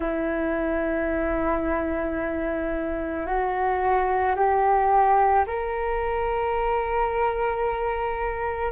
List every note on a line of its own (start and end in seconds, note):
0.00 3.26 E4
3.26 4.35 F#4
4.36 5.45 G4
5.46 8.71 A#4